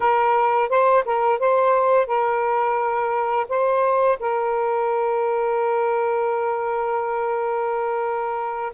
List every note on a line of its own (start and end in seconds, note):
0.00 0.69 A#4
0.69 1.04 C5
1.05 1.39 A#4
1.39 2.06 C5
2.06 3.46 A#4
3.49 4.18 C5
4.19 8.72 A#4